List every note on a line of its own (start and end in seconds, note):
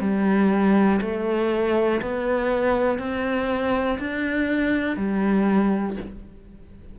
0.00 1.00 G3
1.00 2.00 A3
2.01 2.98 B3
2.98 3.98 C4
3.99 4.96 D4
4.96 5.96 G3